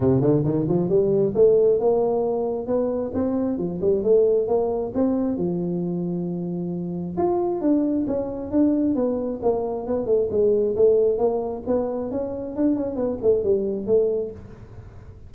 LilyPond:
\new Staff \with { instrumentName = "tuba" } { \time 4/4 \tempo 4 = 134 c8 d8 dis8 f8 g4 a4 | ais2 b4 c'4 | f8 g8 a4 ais4 c'4 | f1 |
f'4 d'4 cis'4 d'4 | b4 ais4 b8 a8 gis4 | a4 ais4 b4 cis'4 | d'8 cis'8 b8 a8 g4 a4 | }